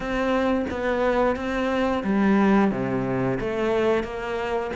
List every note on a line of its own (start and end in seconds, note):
0.00 0.65 C4
0.70 1.35 B3
1.35 2.03 C4
2.03 2.71 G3
2.71 3.38 C3
3.40 4.03 A3
4.03 4.70 A#3